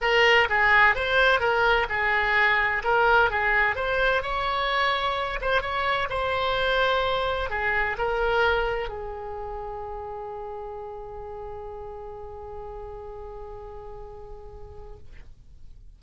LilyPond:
\new Staff \with { instrumentName = "oboe" } { \time 4/4 \tempo 4 = 128 ais'4 gis'4 c''4 ais'4 | gis'2 ais'4 gis'4 | c''4 cis''2~ cis''8 c''8 | cis''4 c''2. |
gis'4 ais'2 gis'4~ | gis'1~ | gis'1~ | gis'1 | }